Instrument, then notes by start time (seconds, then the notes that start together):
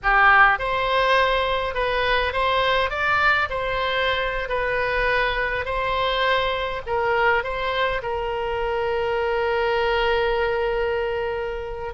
oboe
0.02 G4
0.58 C5
1.74 B4
2.32 C5
2.90 D5
3.50 C5
4.49 B4
5.65 C5
6.86 A#4
7.43 C5
8.02 A#4